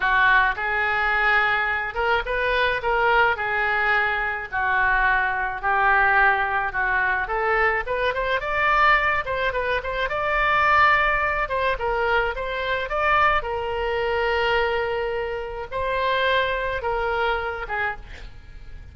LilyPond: \new Staff \with { instrumentName = "oboe" } { \time 4/4 \tempo 4 = 107 fis'4 gis'2~ gis'8 ais'8 | b'4 ais'4 gis'2 | fis'2 g'2 | fis'4 a'4 b'8 c''8 d''4~ |
d''8 c''8 b'8 c''8 d''2~ | d''8 c''8 ais'4 c''4 d''4 | ais'1 | c''2 ais'4. gis'8 | }